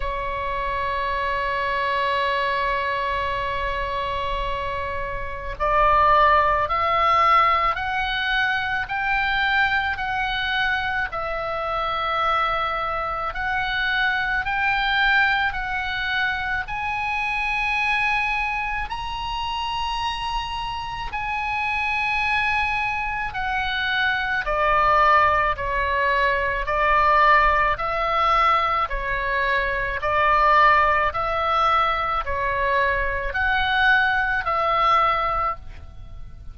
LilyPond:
\new Staff \with { instrumentName = "oboe" } { \time 4/4 \tempo 4 = 54 cis''1~ | cis''4 d''4 e''4 fis''4 | g''4 fis''4 e''2 | fis''4 g''4 fis''4 gis''4~ |
gis''4 ais''2 gis''4~ | gis''4 fis''4 d''4 cis''4 | d''4 e''4 cis''4 d''4 | e''4 cis''4 fis''4 e''4 | }